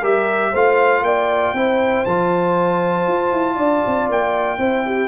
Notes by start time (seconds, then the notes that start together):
0.00 G3 G4 A#4 E5
0.51 A3 F4 C5 F5
1.02 A#3 D5 G5
1.54 C4 E4 C5
2.05 F3 F4 A5
3.08 F4
3.33 E4
3.56 D4 D5
3.87 C4
4.09 A#3 G5
4.58 C4 E4 C5
4.86 G4